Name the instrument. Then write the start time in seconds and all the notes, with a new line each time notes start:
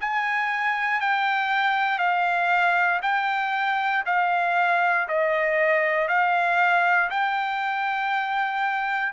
trumpet
0.00 G#5
1.00 G5
1.98 F5
3.02 G5
4.06 F5
5.08 D#5
6.08 F5
7.10 G5